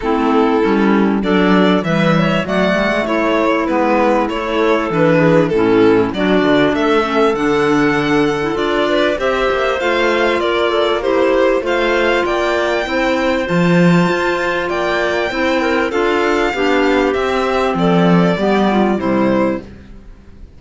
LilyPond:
<<
  \new Staff \with { instrumentName = "violin" } { \time 4/4 \tempo 4 = 98 a'2 d''4 e''4 | fis''4 cis''4 b'4 cis''4 | b'4 a'4 d''4 e''4 | fis''2 d''4 e''4 |
f''4 d''4 c''4 f''4 | g''2 a''2 | g''2 f''2 | e''4 d''2 c''4 | }
  \new Staff \with { instrumentName = "clarinet" } { \time 4/4 e'2 a'4 b'8 cis''8 | d''4 e'2~ e'8 a'8~ | a'8 gis'8 e'4 fis'4 a'4~ | a'2~ a'8 b'8 c''4~ |
c''4 ais'8 a'8 g'4 c''4 | d''4 c''2. | d''4 c''8 ais'8 a'4 g'4~ | g'4 a'4 g'8 f'8 e'4 | }
  \new Staff \with { instrumentName = "clarinet" } { \time 4/4 c'4 cis'4 d'4 g4 | a2 b4 e'4 | d'4 cis'4 d'4. cis'8 | d'4.~ d'16 e'16 f'4 g'4 |
f'2 e'4 f'4~ | f'4 e'4 f'2~ | f'4 e'4 f'4 d'4 | c'2 b4 g4 | }
  \new Staff \with { instrumentName = "cello" } { \time 4/4 a4 g4 fis4 e4 | fis8 g16 gis16 a4 gis4 a4 | e4 a,4 fis8 d8 a4 | d2 d'4 c'8 ais8 |
a4 ais2 a4 | ais4 c'4 f4 f'4 | ais4 c'4 d'4 b4 | c'4 f4 g4 c4 | }
>>